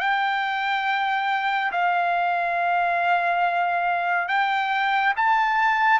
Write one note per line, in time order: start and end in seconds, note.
0.00 1.71 G5
1.72 4.29 F5
4.29 5.14 G5
5.17 6.00 A5